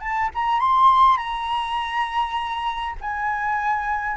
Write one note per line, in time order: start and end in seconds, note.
0.00 0.30 A5
0.34 0.60 A#5
0.60 1.17 C6
1.17 2.95 A#5
3.01 4.17 G#5